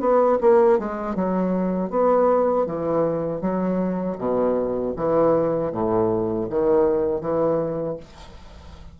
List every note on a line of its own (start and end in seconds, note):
0.00 0.38 B3
0.41 0.79 A#3
0.79 1.15 G#3
1.15 1.90 F#3
1.90 2.66 B3
2.66 3.41 E3
3.41 4.17 F#3
4.18 4.94 B2
4.96 5.72 E3
5.72 6.48 A2
6.50 7.21 D#3
7.21 7.97 E3